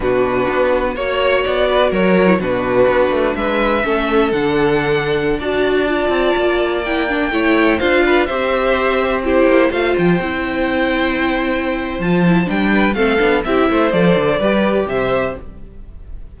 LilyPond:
<<
  \new Staff \with { instrumentName = "violin" } { \time 4/4 \tempo 4 = 125 b'2 cis''4 d''4 | cis''4 b'2 e''4~ | e''4 fis''2~ fis''16 a''8.~ | a''2~ a''16 g''4.~ g''16~ |
g''16 f''4 e''2 c''8.~ | c''16 f''8 g''2.~ g''16~ | g''4 a''4 g''4 f''4 | e''4 d''2 e''4 | }
  \new Staff \with { instrumentName = "violin" } { \time 4/4 fis'2 cis''4. b'8 | ais'4 fis'2 b'4 | a'2.~ a'16 d''8.~ | d''2.~ d''16 cis''8.~ |
cis''16 c''8 b'8 c''2 g'8.~ | g'16 c''2.~ c''8.~ | c''2~ c''8 b'8 a'4 | g'8 c''4. b'4 c''4 | }
  \new Staff \with { instrumentName = "viola" } { \time 4/4 d'2 fis'2~ | fis'8. e'16 d'2. | cis'4 d'2~ d'16 fis'8.~ | fis'16 f'2 e'8 d'8 e'8.~ |
e'16 f'4 g'2 e'8.~ | e'16 f'4 e'2~ e'8.~ | e'4 f'8 e'8 d'4 c'8 d'8 | e'4 a'4 g'2 | }
  \new Staff \with { instrumentName = "cello" } { \time 4/4 b,4 b4 ais4 b4 | fis4 b,4 b8 a8 gis4 | a4 d2~ d16 d'8.~ | d'8. c'8 ais2 a8.~ |
a16 d'4 c'2~ c'8 ais16~ | ais16 a8 f8 c'2~ c'8.~ | c'4 f4 g4 a8 b8 | c'8 a8 f8 d8 g4 c4 | }
>>